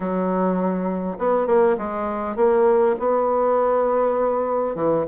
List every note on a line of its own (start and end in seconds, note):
0.00 1.17 F#3
1.18 1.46 B3
1.46 1.76 A#3
1.77 2.36 G#3
2.36 2.95 A#3
2.99 4.75 B3
4.75 5.05 E3